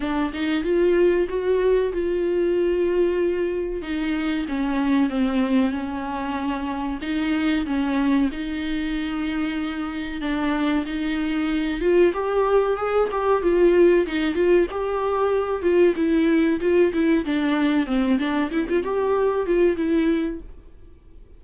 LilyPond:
\new Staff \with { instrumentName = "viola" } { \time 4/4 \tempo 4 = 94 d'8 dis'8 f'4 fis'4 f'4~ | f'2 dis'4 cis'4 | c'4 cis'2 dis'4 | cis'4 dis'2. |
d'4 dis'4. f'8 g'4 | gis'8 g'8 f'4 dis'8 f'8 g'4~ | g'8 f'8 e'4 f'8 e'8 d'4 | c'8 d'8 e'16 f'16 g'4 f'8 e'4 | }